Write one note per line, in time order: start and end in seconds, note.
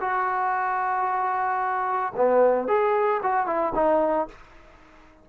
0.00 2.12 F#4
2.16 2.67 B3
2.67 3.20 G#4
3.22 3.46 F#4
3.46 3.73 E4
3.75 4.28 D#4